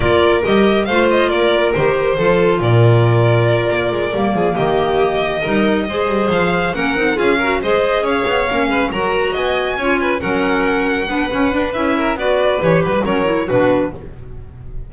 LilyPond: <<
  \new Staff \with { instrumentName = "violin" } { \time 4/4 \tempo 4 = 138 d''4 dis''4 f''8 dis''8 d''4 | c''2 d''2~ | d''2~ d''8 dis''4.~ | dis''2~ dis''8 f''4 fis''8~ |
fis''8 f''4 dis''4 f''4.~ | f''8 ais''4 gis''2 fis''8~ | fis''2. e''4 | d''4 cis''8 b'8 cis''4 b'4 | }
  \new Staff \with { instrumentName = "violin" } { \time 4/4 ais'2 c''4 ais'4~ | ais'4 a'4 ais'2~ | ais'2 gis'8 g'4.~ | g'8 ais'4 c''2 ais'8~ |
ais'8 gis'8 ais'8 c''4 cis''4. | b'8 ais'4 dis''4 cis''8 b'8 ais'8~ | ais'4. b'2 ais'8 | b'2 ais'4 fis'4 | }
  \new Staff \with { instrumentName = "clarinet" } { \time 4/4 f'4 g'4 f'2 | g'4 f'2.~ | f'4. ais2~ ais8~ | ais8 dis'4 gis'2 cis'8 |
dis'8 f'8 fis'8 gis'2 cis'8~ | cis'8 fis'2 f'4 cis'8~ | cis'4. d'8 cis'8 d'8 e'4 | fis'4 g'4 cis'8 e'8 d'4 | }
  \new Staff \with { instrumentName = "double bass" } { \time 4/4 ais4 g4 a4 ais4 | dis4 f4 ais,2~ | ais,8 ais8 gis8 g8 f8 dis4.~ | dis8 g4 gis8 g8 f4 ais8 |
c'8 cis'4 gis4 cis'8 b8 ais8 | gis8 fis4 b4 cis'4 fis8~ | fis4. b8 cis'8 d'8 cis'4 | b4 e8 fis16 g16 fis4 b,4 | }
>>